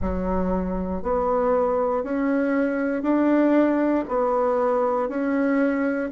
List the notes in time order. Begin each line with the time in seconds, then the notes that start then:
0.01 F#3
1.02 B3
2.03 C#4
3.02 D4
4.08 B3
5.08 C#4